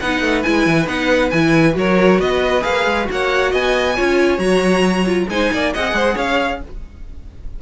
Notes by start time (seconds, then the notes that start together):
0.00 B3 D#4 B4 F#5
0.21 A3
0.42 G#3 E4 G#5
0.66 E3
0.86 B3 D#4 F#5
1.30 E3 E4 G#5
1.73 F#3 F#4 A#4 C#5
2.19 B3 B4 D#5
2.60 A#3 G#4 F5
2.85 G#3
3.04 F#4
3.11 A#3 C#5 F#5
3.51 B3 D#5 G#5
3.95 C#4 F4 C#5
4.38 F#3 F#4 A#5
5.06 F4
5.28 G#3 D#4 C5 G#5
5.52 A#3 D5
5.73 C4 G#4 D#5 F#5
5.93 G#3 C5
6.15 C#4 C#5 F5